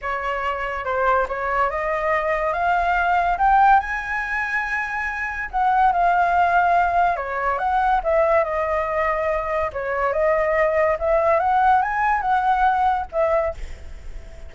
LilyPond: \new Staff \with { instrumentName = "flute" } { \time 4/4 \tempo 4 = 142 cis''2 c''4 cis''4 | dis''2 f''2 | g''4 gis''2.~ | gis''4 fis''4 f''2~ |
f''4 cis''4 fis''4 e''4 | dis''2. cis''4 | dis''2 e''4 fis''4 | gis''4 fis''2 e''4 | }